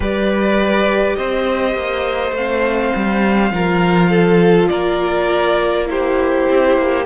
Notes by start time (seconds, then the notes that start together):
0.00 G3 G4 B4 D5
1.15 C4 C5 D#5
1.74 A#3
2.31 A3 C4 F5
2.95 G3
3.50 F3 F4 A#4
4.10 A4
4.67 A#3 A#4 D5
5.87 E4 G4 C5
6.49 C4
6.76 A#3